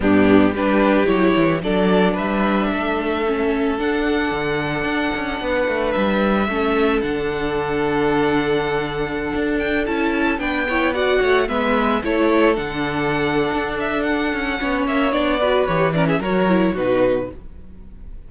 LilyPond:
<<
  \new Staff \with { instrumentName = "violin" } { \time 4/4 \tempo 4 = 111 g'4 b'4 cis''4 d''4 | e''2. fis''4~ | fis''2. e''4~ | e''4 fis''2.~ |
fis''4.~ fis''16 g''8 a''4 g''8.~ | g''16 fis''4 e''4 cis''4 fis''8.~ | fis''4. e''8 fis''4. e''8 | d''4 cis''8 d''16 e''16 cis''4 b'4 | }
  \new Staff \with { instrumentName = "violin" } { \time 4/4 d'4 g'2 a'4 | b'4 a'2.~ | a'2 b'2 | a'1~ |
a'2.~ a'16 b'8 cis''16~ | cis''16 d''8 cis''8 b'4 a'4.~ a'16~ | a'2. cis''4~ | cis''8 b'4 ais'16 gis'16 ais'4 fis'4 | }
  \new Staff \with { instrumentName = "viola" } { \time 4/4 b4 d'4 e'4 d'4~ | d'2 cis'4 d'4~ | d'1 | cis'4 d'2.~ |
d'2~ d'16 e'4 d'8 e'16~ | e'16 fis'4 b4 e'4 d'8.~ | d'2. cis'4 | d'8 fis'8 g'8 cis'8 fis'8 e'8 dis'4 | }
  \new Staff \with { instrumentName = "cello" } { \time 4/4 g,4 g4 fis8 e8 fis4 | g4 a2 d'4 | d4 d'8 cis'8 b8 a8 g4 | a4 d2.~ |
d4~ d16 d'4 cis'4 b8.~ | b8. a8 gis4 a4 d8.~ | d4 d'4. cis'8 b8 ais8 | b4 e4 fis4 b,4 | }
>>